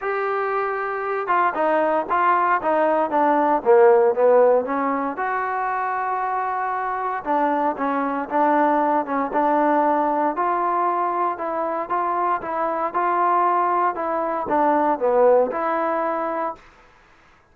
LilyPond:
\new Staff \with { instrumentName = "trombone" } { \time 4/4 \tempo 4 = 116 g'2~ g'8 f'8 dis'4 | f'4 dis'4 d'4 ais4 | b4 cis'4 fis'2~ | fis'2 d'4 cis'4 |
d'4. cis'8 d'2 | f'2 e'4 f'4 | e'4 f'2 e'4 | d'4 b4 e'2 | }